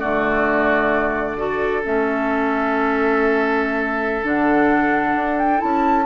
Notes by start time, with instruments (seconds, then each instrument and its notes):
0.00 bassoon D3, clarinet A3, oboe F#4, flute D5
1.38 clarinet F#4, oboe A4
1.84 bassoon A3, clarinet C#4, flute E5
4.24 bassoon D3, clarinet D4, flute F#5
5.15 bassoon D4
5.39 flute G5
5.58 bassoon C#4, clarinet E4, flute A5